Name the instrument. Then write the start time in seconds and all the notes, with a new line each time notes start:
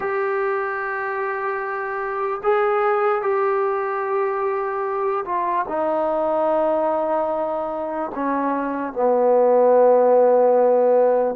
trombone
0.00 G4
2.43 G#4
3.21 G4
5.25 F4
5.68 D#4
8.14 C#4
8.92 B3